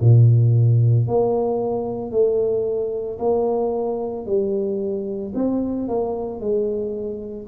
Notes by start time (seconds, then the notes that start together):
0.00 A#2
1.07 A#3
2.11 A3
3.18 A#3
4.25 G3
5.34 C4
5.88 A#3
6.39 G#3